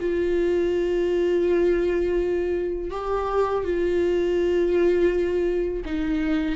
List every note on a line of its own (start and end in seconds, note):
0.00 2.91 F4
2.91 3.64 G4
3.64 5.84 F4
5.86 6.56 D#4